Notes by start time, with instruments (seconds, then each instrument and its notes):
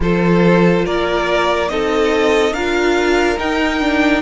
0.00 cello F3, viola F4, violin A4 C5
0.85 cello A#3, violin A#4 D5
1.68 cello C4, viola D#4, violin A4 D#5
2.52 cello D4, viola F4, violin A#4 F5
3.37 viola D#4, cello D#4, violin G5
3.79 viola D4